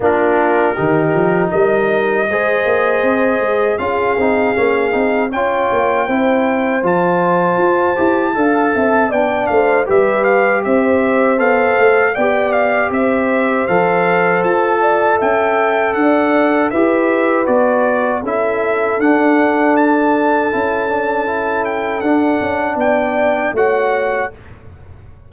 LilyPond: <<
  \new Staff \with { instrumentName = "trumpet" } { \time 4/4 \tempo 4 = 79 ais'2 dis''2~ | dis''4 f''2 g''4~ | g''4 a''2. | g''8 f''8 e''8 f''8 e''4 f''4 |
g''8 f''8 e''4 f''4 a''4 | g''4 fis''4 e''4 d''4 | e''4 fis''4 a''2~ | a''8 g''8 fis''4 g''4 fis''4 | }
  \new Staff \with { instrumentName = "horn" } { \time 4/4 f'4 g'4 ais'4 c''4~ | c''4 gis'2 cis''4 | c''2. f''8 e''8 | d''8 c''8 b'4 c''2 |
d''4 c''2~ c''8 d''8 | e''4 d''4 b'2 | a'1~ | a'2 d''4 cis''4 | }
  \new Staff \with { instrumentName = "trombone" } { \time 4/4 d'4 dis'2 gis'4~ | gis'4 f'8 dis'8 cis'8 dis'8 f'4 | e'4 f'4. g'8 a'4 | d'4 g'2 a'4 |
g'2 a'2~ | a'2 g'4 fis'4 | e'4 d'2 e'8 d'8 | e'4 d'2 fis'4 | }
  \new Staff \with { instrumentName = "tuba" } { \time 4/4 ais4 dis8 f8 g4 gis8 ais8 | c'8 gis8 cis'8 c'8 ais8 c'8 cis'8 ais8 | c'4 f4 f'8 e'8 d'8 c'8 | b8 a8 g4 c'4 b8 a8 |
b4 c'4 f4 f'4 | cis'4 d'4 e'4 b4 | cis'4 d'2 cis'4~ | cis'4 d'8 cis'8 b4 a4 | }
>>